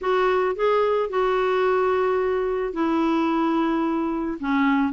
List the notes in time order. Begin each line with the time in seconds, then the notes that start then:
0.01 F#4
0.55 G#4
1.09 F#4
2.73 E4
4.39 C#4